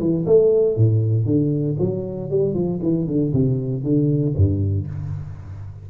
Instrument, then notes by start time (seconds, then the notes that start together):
tuba
0.00 E3
0.26 A3
0.76 A2
1.25 D3
1.79 F#3
2.30 G3
2.54 F3
2.83 E3
3.07 D3
3.33 C3
3.83 D3
4.36 G2